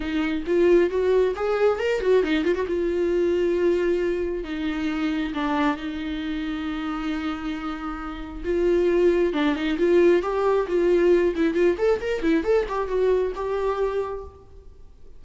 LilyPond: \new Staff \with { instrumentName = "viola" } { \time 4/4 \tempo 4 = 135 dis'4 f'4 fis'4 gis'4 | ais'8 fis'8 dis'8 f'16 fis'16 f'2~ | f'2 dis'2 | d'4 dis'2.~ |
dis'2. f'4~ | f'4 d'8 dis'8 f'4 g'4 | f'4. e'8 f'8 a'8 ais'8 e'8 | a'8 g'8 fis'4 g'2 | }